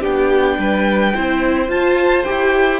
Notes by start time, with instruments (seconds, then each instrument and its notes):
0.00 cello B3, viola D4, violin G4 G5
0.58 cello G3, violin B4
1.15 cello C4, viola E4, violin C5
1.69 viola F4, cello F4, violin A5
2.24 cello E4, viola G4, violin G5